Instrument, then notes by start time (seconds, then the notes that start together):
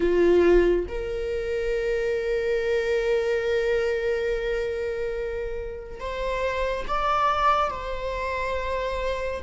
viola
0.00 F4
0.88 A#4
6.00 C5
6.87 D5
7.70 C5